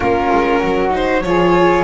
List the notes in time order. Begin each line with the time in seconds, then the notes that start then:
0.00 A#3 C#4 F4 A#4
0.32 G#3
0.59 F#3 F#4
0.90 D#4 C5
1.22 F3 F4 G#4 C#5